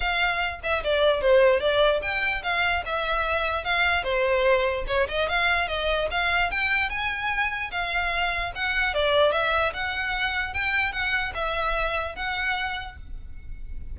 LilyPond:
\new Staff \with { instrumentName = "violin" } { \time 4/4 \tempo 4 = 148 f''4. e''8 d''4 c''4 | d''4 g''4 f''4 e''4~ | e''4 f''4 c''2 | cis''8 dis''8 f''4 dis''4 f''4 |
g''4 gis''2 f''4~ | f''4 fis''4 d''4 e''4 | fis''2 g''4 fis''4 | e''2 fis''2 | }